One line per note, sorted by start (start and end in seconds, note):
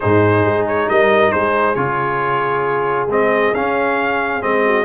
0.00 0.44 G#2
0.00 1.76 D#4
0.00 0.88 G#4
0.00 0.66 C5
0.44 0.89 G#3
0.67 0.89 C#5
0.89 1.33 G3
0.89 1.33 A#4
0.89 1.32 D#5
1.32 1.76 G#3
1.32 4.64 G#4
1.32 1.75 C5
1.75 3.07 C#3
1.75 3.08 F4
1.75 3.07 C#5
3.07 3.51 G#3
3.07 3.54 C4
3.07 3.54 D#5
3.53 4.42 C#4
3.53 4.40 C#4
3.53 4.42 F5
4.40 4.84 G#3
4.40 4.84 C4
4.40 4.84 D#5
4.65 4.84 F#4